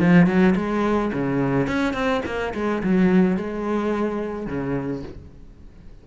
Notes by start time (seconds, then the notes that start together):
0.00 F3
0.27 F#3
0.56 G#3
1.13 C#3
1.67 C#4
1.94 C4
2.26 A#3
2.55 G#3
2.83 F#3
3.37 G#3
4.47 C#3